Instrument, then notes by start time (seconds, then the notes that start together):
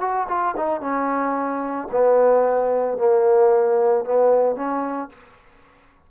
trombone
0.00 F#4
0.28 F4
0.56 D#4
0.81 C#4
1.91 B3
2.97 A#3
4.05 B3
4.55 C#4